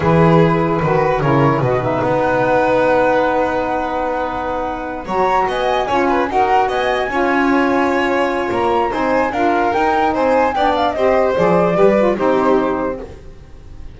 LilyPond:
<<
  \new Staff \with { instrumentName = "flute" } { \time 4/4 \tempo 4 = 148 b'2. cis''4 | dis''8 e''8 fis''2.~ | fis''1~ | fis''8 ais''4 gis''2 fis''8~ |
fis''8 gis''2.~ gis''8~ | gis''4 ais''4 gis''4 f''4 | g''4 gis''4 g''8 f''8 dis''4 | d''2 c''2 | }
  \new Staff \with { instrumentName = "violin" } { \time 4/4 gis'2 b'4 ais'4 | b'1~ | b'1~ | b'8 cis''4 dis''4 cis''8 b'8 ais'8~ |
ais'8 dis''4 cis''2~ cis''8~ | cis''2 c''4 ais'4~ | ais'4 c''4 d''4 c''4~ | c''4 b'4 g'2 | }
  \new Staff \with { instrumentName = "saxophone" } { \time 4/4 e'2 fis'4 e'4 | fis'8 dis'2.~ dis'8~ | dis'1~ | dis'8 fis'2 f'4 fis'8~ |
fis'4. f'2~ f'8~ | f'2 dis'4 f'4 | dis'2 d'4 g'4 | gis'4 g'8 f'8 dis'2 | }
  \new Staff \with { instrumentName = "double bass" } { \time 4/4 e2 dis4 cis4 | b,4 b2.~ | b1~ | b8 fis4 b4 cis'4 dis'8~ |
dis'8 b4 cis'2~ cis'8~ | cis'4 ais4 c'4 d'4 | dis'4 c'4 b4 c'4 | f4 g4 c'2 | }
>>